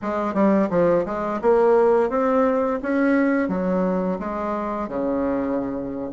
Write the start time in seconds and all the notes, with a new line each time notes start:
0.02 G#3
0.34 G3
0.70 F3
1.05 G#3
1.41 A#3
2.09 C4
2.82 C#4
3.48 F#3
4.19 G#3
4.88 C#3